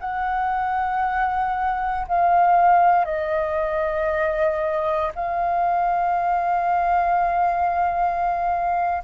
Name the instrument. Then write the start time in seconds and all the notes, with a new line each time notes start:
flute
0.00 F#5
2.08 F5
3.05 D#5
5.16 F5